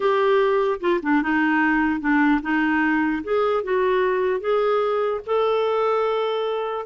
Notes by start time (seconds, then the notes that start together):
0.00 G4
0.80 F4
1.02 D4
1.22 D#4
2.00 D4
2.42 D#4
3.23 G#4
3.63 F#4
4.40 G#4
5.26 A4